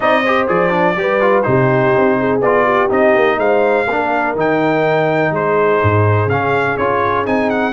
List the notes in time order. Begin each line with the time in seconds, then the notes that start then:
0.00 C4 D#4 D5 D#5
0.23 G4 C5
0.48 F3 G#4 D5
0.70 D4
0.96 G3 G4 B4
1.20 F4
1.42 C3 D#4 G4 C5
1.95 C4
2.18 G#4
2.41 B3 F4 D5
2.64 G4
2.89 C4 D#4 D#5
3.14 A#3
3.37 G#3 C5 F5
3.87 A#3 D4 A#4
4.35 D#3 D#4 G5
5.31 G#3 G#4 C5
5.82 G#2
6.26 C#3 C#4 F5
6.77 C#4 F4 C#5
7.25 C4 D#4 G#5
7.50 F#5